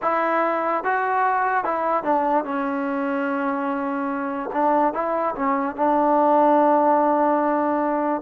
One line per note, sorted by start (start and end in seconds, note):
0.01 0.84 E4
0.84 1.64 F#4
1.64 2.03 E4
2.03 2.44 D4
2.44 4.49 C#4
4.52 4.93 D4
4.93 5.34 E4
5.35 5.76 C#4
5.76 8.22 D4